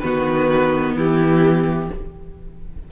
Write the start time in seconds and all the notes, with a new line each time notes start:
0.00 D#3 B3 F#4 B4
0.95 E3 E4 G4